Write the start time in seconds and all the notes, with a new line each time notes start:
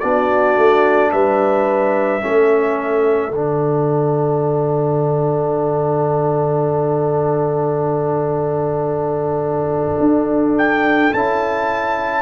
0.00 B3 D4 F#4 D5
0.57 A3
1.12 G3 B4 E5
2.21 A3 C#4 A4
3.31 D3 D4 F#5
10.00 D4
10.58 G5
11.14 C#4 E4 A5